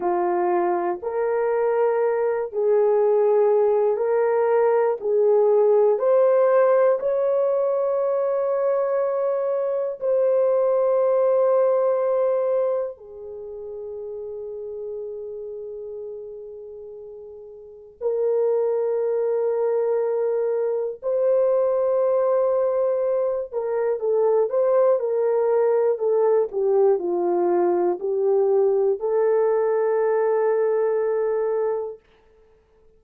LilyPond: \new Staff \with { instrumentName = "horn" } { \time 4/4 \tempo 4 = 60 f'4 ais'4. gis'4. | ais'4 gis'4 c''4 cis''4~ | cis''2 c''2~ | c''4 gis'2.~ |
gis'2 ais'2~ | ais'4 c''2~ c''8 ais'8 | a'8 c''8 ais'4 a'8 g'8 f'4 | g'4 a'2. | }